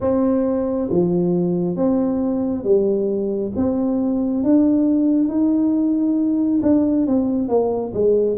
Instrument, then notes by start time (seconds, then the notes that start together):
tuba
0.00 C4
0.89 F3
1.76 C4
2.64 G3
3.55 C4
4.44 D4
5.28 D#4
6.62 D4
7.06 C4
7.48 A#3
7.93 G#3